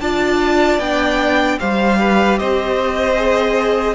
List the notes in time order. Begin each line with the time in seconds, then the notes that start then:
0.00 D4 F4 D5 A5
0.78 B3 D4 G5
1.59 G3 G4 C5 F5
2.00 B4
2.38 C4 C5 D#5
3.16 G#4